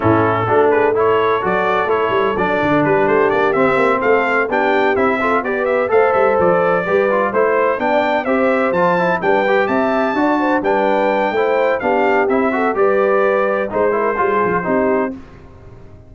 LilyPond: <<
  \new Staff \with { instrumentName = "trumpet" } { \time 4/4 \tempo 4 = 127 a'4. b'8 cis''4 d''4 | cis''4 d''4 b'8 c''8 d''8 e''8~ | e''8 f''4 g''4 e''4 d''8 | e''8 f''8 e''8 d''2 c''8~ |
c''8 g''4 e''4 a''4 g''8~ | g''8 a''2 g''4.~ | g''4 f''4 e''4 d''4~ | d''4 c''2. | }
  \new Staff \with { instrumentName = "horn" } { \time 4/4 e'4 fis'8 gis'8 a'2~ | a'2 g'2~ | g'8 a'4 g'4. a'8 b'8~ | b'8 c''2 b'4 c''8~ |
c''8 d''4 c''2 b'8~ | b'8 e''4 d''8 c''8 b'4. | c''4 g'4. a'8 b'4~ | b'4 c''8 ais'8 gis'4 g'4 | }
  \new Staff \with { instrumentName = "trombone" } { \time 4/4 cis'4 d'4 e'4 fis'4 | e'4 d'2~ d'8 c'8~ | c'4. d'4 e'8 f'8 g'8~ | g'8 a'2 g'8 f'8 e'8~ |
e'8 d'4 g'4 f'8 e'8 d'8 | g'4. fis'4 d'4. | e'4 d'4 e'8 fis'8 g'4~ | g'4 dis'8 e'8 f'4 dis'4 | }
  \new Staff \with { instrumentName = "tuba" } { \time 4/4 a,4 a2 fis4 | a8 g8 fis8 d8 g8 a8 ais8 c'8 | ais8 a4 b4 c'4 b8~ | b8 a8 g8 f4 g4 a8~ |
a8 b4 c'4 f4 g8~ | g8 c'4 d'4 g4. | a4 b4 c'4 g4~ | g4 gis4 g8 f8 c'4 | }
>>